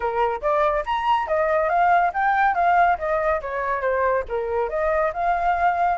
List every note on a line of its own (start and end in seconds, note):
0.00 0.41 A#4
0.41 0.84 D5
0.85 1.27 A#5
1.27 1.69 D#5
1.69 2.11 F5
2.13 2.55 G5
2.55 2.97 F5
2.98 3.40 D#5
3.41 3.81 C#5
3.81 4.23 C5
4.28 4.69 A#4
4.69 5.11 D#5
5.13 5.97 F5